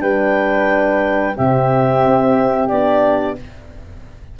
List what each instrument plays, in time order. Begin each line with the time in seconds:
0.00 tuba G3, horn D4, flute B4, clarinet G5
1.35 tuba C3, horn C4, flute G4, clarinet E5
2.06 tuba C4
2.68 tuba B3, horn D4, clarinet D5